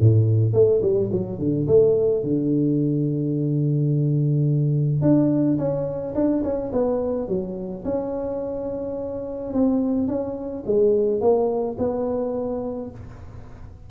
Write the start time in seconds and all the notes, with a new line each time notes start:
0.00 A2
0.53 A3
0.82 G3
1.12 F#3
1.39 D3
1.67 A3
2.23 D3
5.01 D4
5.58 C#4
6.15 D4
6.44 C#4
6.72 B3
7.28 F#3
7.85 C#4
9.53 C4
10.08 C#4
10.66 G#3
11.20 A#3
11.78 B3